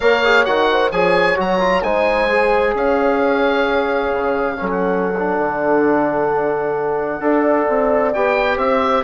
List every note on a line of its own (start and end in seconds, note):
0.00 0.46 A#3
0.00 0.23 A#4
0.00 0.67 C#5
0.00 0.44 F5
0.24 0.46 G#4
0.44 0.91 D#3
0.44 0.91 F#4
0.44 0.90 F#5
0.71 0.92 C5
0.91 1.37 F3
0.91 1.35 G#4
0.91 1.83 C#5
0.91 1.37 G#5
1.35 1.83 F#3
1.35 1.58 F#4
1.35 1.82 A#5
1.59 1.82 F4
1.82 2.74 G#3
1.82 2.29 D#4
1.82 2.75 C5
1.82 2.74 G#5
2.29 4.56 G#4
2.74 4.11 C#4
2.74 4.58 C#5
2.74 4.71 F5
4.12 4.58 C#3
4.56 5.38 F#3
4.56 5.13 C#4
4.56 7.23 A4
4.71 8.13 F#5
5.18 7.21 D4
5.38 7.20 D3
7.20 7.66 D4
7.20 8.12 A4
7.20 8.56 D5
7.68 8.14 C4
8.13 8.57 B3
8.13 9.03 G4
8.13 8.58 G5
8.56 9.03 C4
8.56 9.01 C5
8.56 9.03 E5